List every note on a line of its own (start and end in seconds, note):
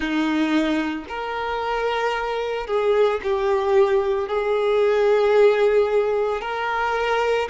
0.00 1.05 D#4
1.08 2.66 A#4
2.66 3.20 G#4
3.23 4.28 G4
4.28 6.41 G#4
6.41 7.48 A#4